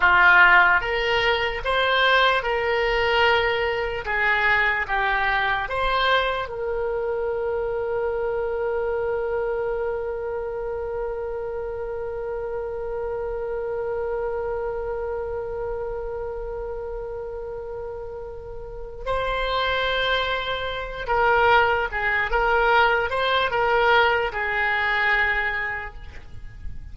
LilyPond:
\new Staff \with { instrumentName = "oboe" } { \time 4/4 \tempo 4 = 74 f'4 ais'4 c''4 ais'4~ | ais'4 gis'4 g'4 c''4 | ais'1~ | ais'1~ |
ais'1~ | ais'2.~ ais'8 c''8~ | c''2 ais'4 gis'8 ais'8~ | ais'8 c''8 ais'4 gis'2 | }